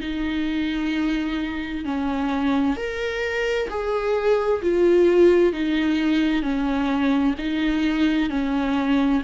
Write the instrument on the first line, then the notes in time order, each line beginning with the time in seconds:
viola
0.00 D#4
1.84 C#4
2.76 A#4
3.69 G#4
4.62 F4
5.53 D#4
6.42 C#4
7.38 D#4
8.30 C#4